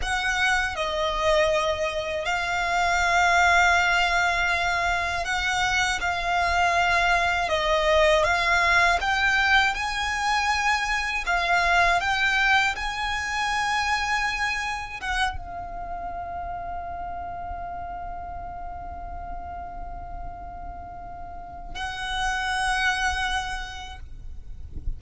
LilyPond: \new Staff \with { instrumentName = "violin" } { \time 4/4 \tempo 4 = 80 fis''4 dis''2 f''4~ | f''2. fis''4 | f''2 dis''4 f''4 | g''4 gis''2 f''4 |
g''4 gis''2. | fis''8 f''2.~ f''8~ | f''1~ | f''4 fis''2. | }